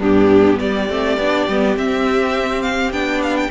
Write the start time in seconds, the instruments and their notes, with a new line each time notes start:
0.00 cello G2, viola B3, violin D4 G4
0.60 cello G3, violin G4 D5
0.89 cello A3, viola C4
1.18 cello B3, viola D4
1.48 cello G3, viola B3
1.76 viola C4, cello C4, violin E5
2.62 violin F5
2.92 cello B3, viola D4, violin G5
3.23 violin F5
3.37 violin G5